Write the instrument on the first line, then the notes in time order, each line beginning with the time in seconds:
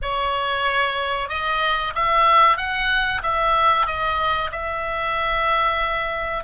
oboe
0.02 C#5
1.28 D#5
1.95 E5
2.57 F#5
3.23 E5
3.86 D#5
4.51 E5